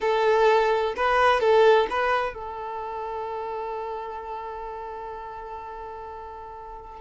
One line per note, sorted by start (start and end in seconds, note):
0.00 0.94 A4
0.96 1.40 B4
1.40 1.87 A4
1.90 2.34 B4
2.34 7.00 A4